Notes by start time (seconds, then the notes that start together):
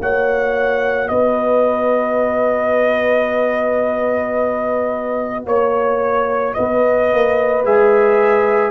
0.00 A#3 F#4 C#5 F#5
1.08 B3 B4 D#5
5.45 A#3 C#5
6.54 B3 B4 D#5
7.13 A#3
7.65 G#3 G#4 E5